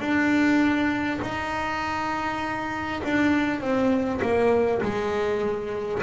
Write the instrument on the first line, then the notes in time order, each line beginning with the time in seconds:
double bass
0.00 D4
1.22 D#4
3.03 D4
3.61 C4
4.22 A#3
4.82 G#3